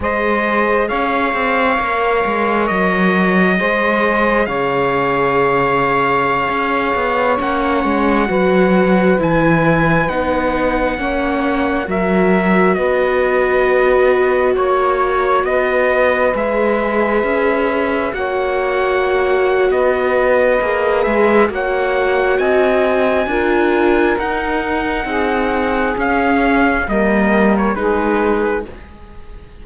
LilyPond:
<<
  \new Staff \with { instrumentName = "trumpet" } { \time 4/4 \tempo 4 = 67 dis''4 f''2 dis''4~ | dis''4 f''2.~ | f''16 fis''2 gis''4 fis''8.~ | fis''4~ fis''16 e''4 dis''4.~ dis''16~ |
dis''16 cis''4 dis''4 e''4.~ e''16~ | e''16 fis''4.~ fis''16 dis''4. e''8 | fis''4 gis''2 fis''4~ | fis''4 f''4 dis''8. cis''16 b'4 | }
  \new Staff \with { instrumentName = "saxophone" } { \time 4/4 c''4 cis''2. | c''4 cis''2.~ | cis''4~ cis''16 b'2~ b'8.~ | b'16 cis''4 ais'4 b'4.~ b'16~ |
b'16 cis''4 b'2~ b'8.~ | b'16 cis''4.~ cis''16 b'2 | cis''4 dis''4 ais'2 | gis'2 ais'4 gis'4 | }
  \new Staff \with { instrumentName = "viola" } { \time 4/4 gis'2 ais'2 | gis'1~ | gis'16 cis'4 fis'4 e'4 dis'8.~ | dis'16 cis'4 fis'2~ fis'8.~ |
fis'2~ fis'16 gis'4.~ gis'16~ | gis'16 fis'2~ fis'8. gis'4 | fis'2 f'4 dis'4~ | dis'4 cis'4 ais4 dis'4 | }
  \new Staff \with { instrumentName = "cello" } { \time 4/4 gis4 cis'8 c'8 ais8 gis8 fis4 | gis4 cis2~ cis16 cis'8 b16~ | b16 ais8 gis8 fis4 e4 b8.~ | b16 ais4 fis4 b4.~ b16~ |
b16 ais4 b4 gis4 cis'8.~ | cis'16 ais4.~ ais16 b4 ais8 gis8 | ais4 c'4 d'4 dis'4 | c'4 cis'4 g4 gis4 | }
>>